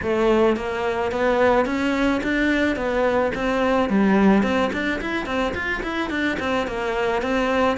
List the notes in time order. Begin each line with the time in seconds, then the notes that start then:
0.02 A3
0.56 A#3
1.11 B3
1.65 C#4
2.23 D4
2.76 B3
3.34 C4
3.89 G3
4.42 C4
4.72 D4
5.01 E4
5.26 C4
5.54 F4
5.83 E4
6.10 D4
6.39 C4
6.67 A#3
7.22 C4